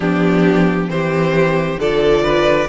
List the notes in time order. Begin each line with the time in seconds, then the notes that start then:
0.00 F3 B3 D4 G4
0.88 E3 C4 G4 C5
1.77 D3 F3 A4 D5
2.23 B4